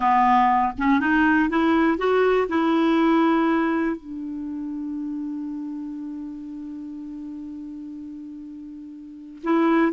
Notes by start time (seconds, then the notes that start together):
0.00 B3
0.78 C#4
0.99 D#4
1.49 E4
1.97 F#4
2.48 E4
3.96 D4
9.43 E4